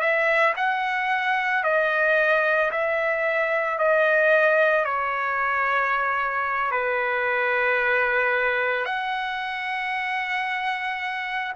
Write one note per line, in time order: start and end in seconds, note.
0.00 0.54 E5
0.56 1.63 F#5
1.63 2.70 D#5
2.71 3.78 E5
3.78 4.85 D#5
4.85 6.71 C#5
6.71 8.85 B4
8.85 11.53 F#5